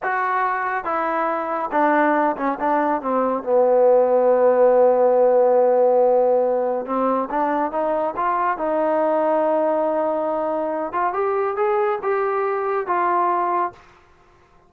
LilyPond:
\new Staff \with { instrumentName = "trombone" } { \time 4/4 \tempo 4 = 140 fis'2 e'2 | d'4. cis'8 d'4 c'4 | b1~ | b1 |
c'4 d'4 dis'4 f'4 | dis'1~ | dis'4. f'8 g'4 gis'4 | g'2 f'2 | }